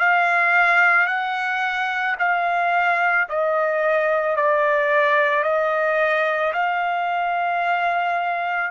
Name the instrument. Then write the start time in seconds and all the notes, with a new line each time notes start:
trumpet
0.00 F5
1.07 F#5
2.19 F5
3.29 D#5
4.36 D5
5.44 D#5
6.54 F5